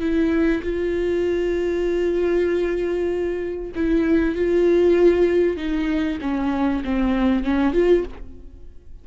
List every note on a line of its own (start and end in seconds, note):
0.00 0.62 E4
0.63 3.72 F4
3.75 4.35 E4
4.35 5.57 F4
5.57 6.19 D#4
6.21 6.83 C#4
6.84 7.44 C4
7.44 7.73 C#4
7.73 8.04 F4